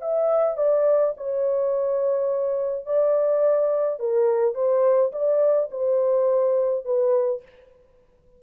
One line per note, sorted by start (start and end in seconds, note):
0.00 0.57 E5
0.57 1.14 D5
1.17 2.85 C#5
2.85 3.99 D5
3.99 4.54 A#4
4.54 5.11 C5
5.12 5.69 D5
5.71 6.85 C5
6.85 7.42 B4